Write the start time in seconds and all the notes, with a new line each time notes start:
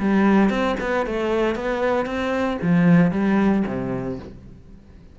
0.00 G3
0.50 C4
0.80 B3
1.07 A3
1.56 B3
2.06 C4
2.62 F3
3.12 G3
3.67 C3